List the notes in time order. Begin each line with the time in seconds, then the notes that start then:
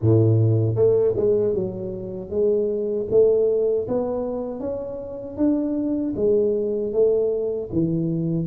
0.01 A2
0.75 A3
1.16 G#3
1.54 F#3
2.30 G#3
3.10 A3
3.87 B3
4.60 C#4
5.37 D4
6.16 G#3
6.92 A3
7.72 E3